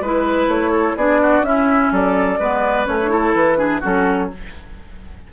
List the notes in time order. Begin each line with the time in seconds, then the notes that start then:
0.00 G#3 E4 B4
0.47 A3 C#5
0.71 A4
0.96 B3 D4 G#4 D5
1.21 F#4
1.41 C#4 E4 E5
1.91 F#3 A4 D5
2.39 G#3 B3 B4
2.85 A3 C#4 C#5
3.02 D4
3.09 E4 A4
3.34 E3 B4
3.57 D4 G#4
3.80 F#3 C#4 F#4 A4